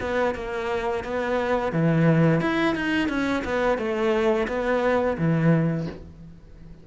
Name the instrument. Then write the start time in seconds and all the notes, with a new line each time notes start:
cello
0.00 B3
0.34 A#3
1.03 B3
1.72 E3
2.40 E4
2.75 D#4
3.08 C#4
3.44 B3
3.78 A3
4.47 B3
5.18 E3